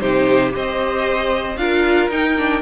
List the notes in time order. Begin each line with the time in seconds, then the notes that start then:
0.00 C3 D#4 G4 C5
0.50 C4 G4 C5 D#5
1.57 D4 F4 A#4 F5
2.09 D#4 G5
2.37 D4